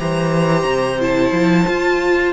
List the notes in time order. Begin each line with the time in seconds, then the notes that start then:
0.00 E3 G4 C5 A#5
0.65 C3
1.00 E4 A5
1.32 F3
1.68 F4